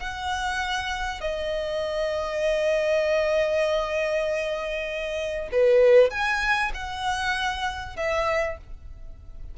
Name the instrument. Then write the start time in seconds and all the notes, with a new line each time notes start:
violin
0.00 F#5
1.21 D#5
5.53 B4
6.11 G#5
6.74 F#5
7.97 E5